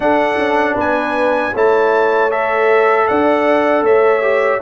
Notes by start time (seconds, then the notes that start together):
0.00 D4 A4 F#5
0.37 C#4
0.74 B3 B4 G#5
1.53 A3 E4 C#5 A5
2.30 A4 E5
3.07 D4 D5 F#5
3.82 A3 C#5 E5
4.22 G4